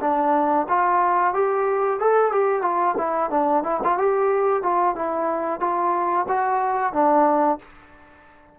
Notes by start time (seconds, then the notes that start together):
0.00 D4
0.68 F4
1.33 G4
1.99 A4
2.31 G4
2.61 F4
2.97 E4
3.30 D4
3.63 E4
3.83 F4
3.97 G4
4.62 F4
4.95 E4
5.60 F4
6.28 F#4
6.92 D4